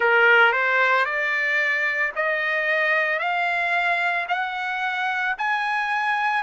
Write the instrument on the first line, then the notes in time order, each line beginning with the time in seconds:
trumpet
0.00 A#4
0.52 C5
1.05 D5
2.15 D#5
3.19 F5
4.28 F#5
5.38 G#5